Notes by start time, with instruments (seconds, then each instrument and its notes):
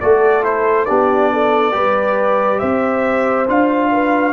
0.00 tuba A3, trombone F#4, horn A4, trumpet D5
0.43 trombone E4, trumpet C5
0.86 tuba B3, trombone D4, horn G4, trumpet D5
1.33 horn A4
1.72 tuba G3, trombone G4, horn B4
2.59 tuba C4, horn C5, trumpet E5
3.48 tuba D4, trombone F4, trumpet F5
3.92 horn B4